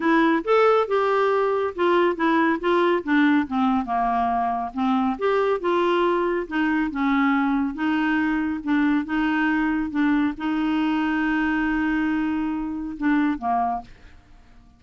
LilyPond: \new Staff \with { instrumentName = "clarinet" } { \time 4/4 \tempo 4 = 139 e'4 a'4 g'2 | f'4 e'4 f'4 d'4 | c'4 ais2 c'4 | g'4 f'2 dis'4 |
cis'2 dis'2 | d'4 dis'2 d'4 | dis'1~ | dis'2 d'4 ais4 | }